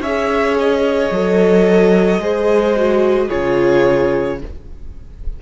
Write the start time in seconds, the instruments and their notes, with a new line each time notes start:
0.00 cello C#4, viola G#4, violin C#5 E5
0.59 violin D#5
1.11 cello F#3, viola A4
2.19 cello G#3, viola G#4, violin C5
2.76 viola F#4
3.27 cello C#3, viola F4, violin G#4 C#5